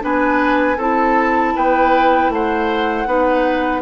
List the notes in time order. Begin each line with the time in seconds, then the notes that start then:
0.00 B3 D4 B4 G#5
0.77 C4 E4 A4 A5
1.55 B3 B4 G5
2.29 A3 C5 F#5
3.06 B3 D#4 B4